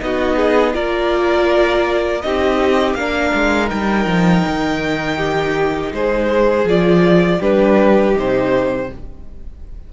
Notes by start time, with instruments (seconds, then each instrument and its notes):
0.00 cello B3, viola D#4, violin F#4 D#5
0.36 violin G#4
0.73 cello A#3, viola F4, violin A#4 D5
2.21 cello C4, viola D#4, violin G4 D#5
2.94 cello A#3, viola D4, violin A#4 F5
3.34 cello G#3
3.67 cello G3, viola D#4, violin G5
4.06 cello F3
4.47 cello D#3
5.16 violin G4
5.92 cello G#3, violin G#4 C5
6.65 cello F3, viola F4, violin D5
7.39 cello G3, viola D4, violin G4 B4
8.14 cello C3, viola D#4, violin C5